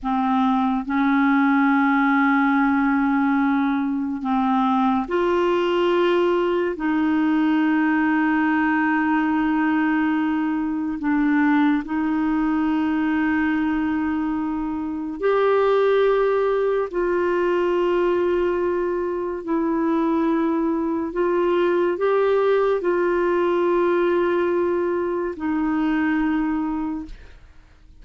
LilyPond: \new Staff \with { instrumentName = "clarinet" } { \time 4/4 \tempo 4 = 71 c'4 cis'2.~ | cis'4 c'4 f'2 | dis'1~ | dis'4 d'4 dis'2~ |
dis'2 g'2 | f'2. e'4~ | e'4 f'4 g'4 f'4~ | f'2 dis'2 | }